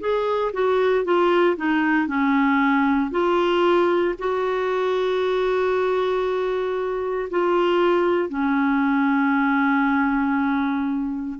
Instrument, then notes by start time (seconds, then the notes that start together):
clarinet
0.00 G#4
0.53 F#4
1.04 F4
1.57 D#4
2.07 C#4
3.11 F4
4.18 F#4
7.30 F4
8.29 C#4